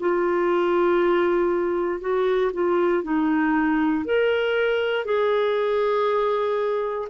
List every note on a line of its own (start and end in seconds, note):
0.00 2.01 F4
2.01 2.51 F#4
2.53 3.04 F4
3.04 4.05 D#4
4.05 5.05 A#4
5.05 7.09 G#4